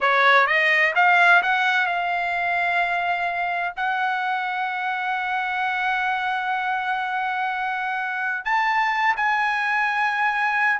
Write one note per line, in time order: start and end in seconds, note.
0.00 0.46 C#5
0.46 0.93 D#5
0.95 1.41 F5
1.42 1.86 F#5
1.86 3.74 F5
3.76 8.44 F#5
8.44 9.15 A5
9.16 10.80 G#5